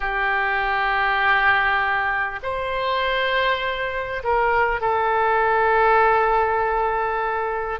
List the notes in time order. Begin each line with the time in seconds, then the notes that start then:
0.00 G4
2.43 C5
4.23 A#4
4.80 A4